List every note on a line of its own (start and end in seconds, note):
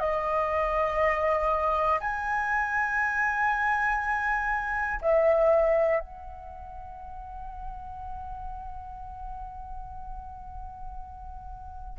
0.00 2.00 D#5
2.00 5.00 G#5
5.01 6.00 E5
6.00 11.99 F#5